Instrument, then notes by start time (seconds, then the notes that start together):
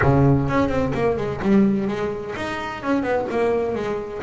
double bass
0.01 C#3
0.48 C#4
0.68 C4
0.94 A#3
1.16 G#3
1.42 G3
1.87 G#3
2.36 D#4
2.83 C#4
3.02 B3
3.30 A#3
3.74 G#3